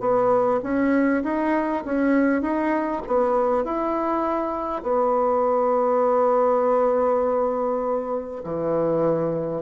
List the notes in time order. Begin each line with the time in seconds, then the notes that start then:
0.00 B3
0.63 C#4
1.23 D#4
1.85 C#4
2.42 D#4
3.07 B3
3.64 E4
4.83 B3
8.44 E3